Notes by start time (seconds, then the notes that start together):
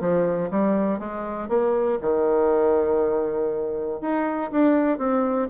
0.00 F3
0.50 G3
0.99 G#3
1.48 A#3
2.01 D#3
4.01 D#4
4.51 D4
4.98 C4